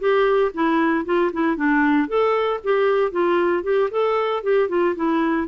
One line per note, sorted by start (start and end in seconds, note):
0.00 0.52 G4
0.55 1.06 E4
1.06 1.32 F4
1.33 1.57 E4
1.57 2.08 D4
2.08 2.61 A4
2.64 3.12 G4
3.12 3.64 F4
3.64 3.90 G4
3.91 4.43 A4
4.43 4.70 G4
4.70 4.96 F4
4.96 5.48 E4